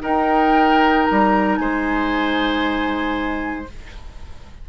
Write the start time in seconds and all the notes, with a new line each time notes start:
0.00 D#4 A#4 G5
1.06 G3 A#5
1.57 G#3 C5 G#5